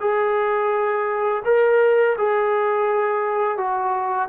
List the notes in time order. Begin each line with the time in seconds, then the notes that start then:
0.00 G#4
1.45 A#4
2.18 G#4
3.57 F#4